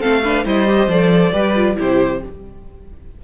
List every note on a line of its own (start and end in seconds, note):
0.00 0.45 A3
0.00 0.23 C4
0.00 0.22 A4
0.00 0.45 F5
0.24 0.45 D4
0.24 0.45 B4
0.45 0.87 G3
0.45 0.67 E4
0.45 1.32 C5
0.45 0.91 D#5
0.67 0.89 G4
0.87 1.31 F3
0.87 1.33 A4
0.87 1.79 D5
1.33 1.78 G3
1.33 1.55 G4
1.33 1.76 B4
1.56 1.76 F4
1.76 2.23 C3
1.76 2.20 E4
1.76 2.23 G4
1.76 2.25 C5